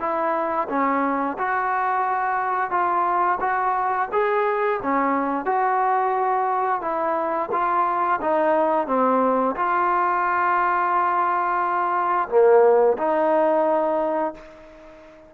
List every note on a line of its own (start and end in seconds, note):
0.00 0.68 E4
0.69 1.38 C#4
1.39 2.71 F#4
2.71 3.39 F4
3.41 4.09 F#4
4.12 4.81 G#4
4.83 5.46 C#4
5.46 6.82 F#4
6.82 7.50 E4
7.52 8.20 F4
8.22 8.88 D#4
8.88 9.56 C4
9.56 12.29 F4
12.29 12.97 A#3
12.99 14.35 D#4